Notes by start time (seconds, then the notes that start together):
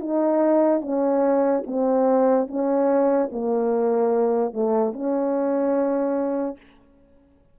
0.00 D#4
0.81 C#4
1.66 C4
2.47 C#4
3.31 A#3
4.53 A3
4.92 C#4